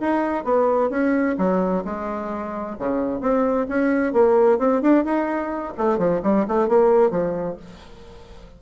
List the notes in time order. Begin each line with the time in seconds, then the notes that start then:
0.00 D#4
0.44 B3
0.90 C#4
1.37 F#3
1.84 G#3
2.78 C#3
3.20 C4
3.69 C#4
4.13 A#3
4.58 C4
4.82 D4
5.04 D#4
5.78 A3
5.98 F3
6.23 G3
6.47 A3
6.68 A#3
7.10 F3